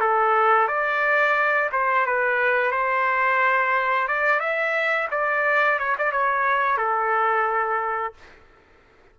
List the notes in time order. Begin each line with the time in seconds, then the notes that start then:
0.00 A4
0.67 D5
1.72 C5
2.06 B4
2.71 C5
4.08 D5
4.40 E5
5.11 D5
5.79 C#5
5.98 D5
6.11 C#5
6.77 A4